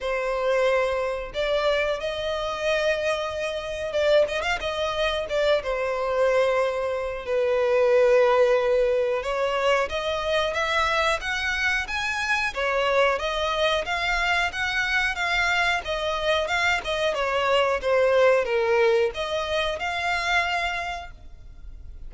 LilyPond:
\new Staff \with { instrumentName = "violin" } { \time 4/4 \tempo 4 = 91 c''2 d''4 dis''4~ | dis''2 d''8 dis''16 f''16 dis''4 | d''8 c''2~ c''8 b'4~ | b'2 cis''4 dis''4 |
e''4 fis''4 gis''4 cis''4 | dis''4 f''4 fis''4 f''4 | dis''4 f''8 dis''8 cis''4 c''4 | ais'4 dis''4 f''2 | }